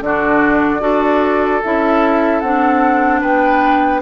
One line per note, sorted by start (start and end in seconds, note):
0.00 0.80 D3
0.00 0.80 D4
0.00 0.81 F#4
0.00 1.62 D5
0.80 1.61 D4
0.80 1.60 F#4
0.80 3.20 A4
1.62 2.42 C#4
1.62 2.44 E4
1.62 2.40 E5
2.40 3.22 C4
2.40 4.02 D4
2.40 3.20 F#5
3.20 4.02 B3
3.20 4.00 B4
3.20 4.02 G5